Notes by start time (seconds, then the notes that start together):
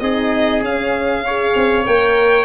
0.00 C4 D#4 G#4 D#5
0.61 C#4 F5
1.26 G#4 C#5
1.55 C4
1.85 A#3 A#4 G5